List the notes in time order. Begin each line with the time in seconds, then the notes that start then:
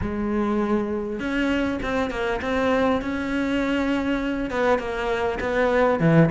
0.01 G#3
1.19 C#4
1.82 C4
2.10 A#3
2.41 C4
3.01 C#4
4.50 B3
4.78 A#3
5.39 B3
5.99 E3